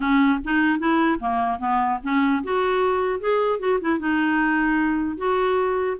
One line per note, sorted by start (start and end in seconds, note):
0.00 0.39 C#4
0.44 0.79 D#4
0.79 1.19 E4
1.19 1.59 A#3
1.59 1.99 B3
2.03 2.43 C#4
2.43 3.20 F#4
3.20 3.59 G#4
3.59 3.79 F#4
3.81 3.99 E4
3.99 5.17 D#4
5.17 5.97 F#4